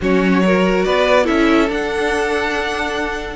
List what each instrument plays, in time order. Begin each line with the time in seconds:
0.01 cello F#3, viola C#4, violin F#4 C#5
0.43 viola F#4, violin A#4
0.84 cello B3, violin B4 D5
1.24 cello C#4, viola E4, violin A4 E5
1.69 cello D4, viola D4, violin F#5